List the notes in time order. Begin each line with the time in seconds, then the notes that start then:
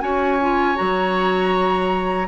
0.00 C#4 F#4 C#5 G#5
0.41 F4
0.75 F#3 F#4 A#5